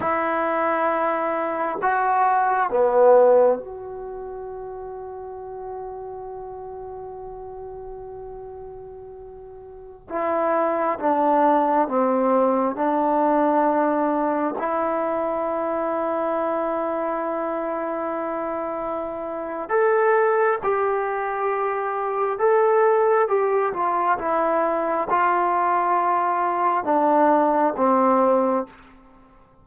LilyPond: \new Staff \with { instrumentName = "trombone" } { \time 4/4 \tempo 4 = 67 e'2 fis'4 b4 | fis'1~ | fis'2.~ fis'16 e'8.~ | e'16 d'4 c'4 d'4.~ d'16~ |
d'16 e'2.~ e'8.~ | e'2 a'4 g'4~ | g'4 a'4 g'8 f'8 e'4 | f'2 d'4 c'4 | }